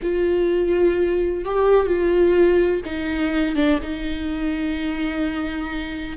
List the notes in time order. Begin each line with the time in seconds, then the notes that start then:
0.02 F4
1.45 G4
1.86 F4
2.85 D#4
3.55 D4
3.82 D#4